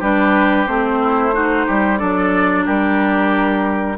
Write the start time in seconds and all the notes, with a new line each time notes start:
0.00 G3 D4 G4 B4
0.67 A3 C4 C5
1.02 E4
1.33 D#4 F#4
1.67 G3 G4
1.98 F#3 D4 A4 D5
2.66 G3 G4 A#4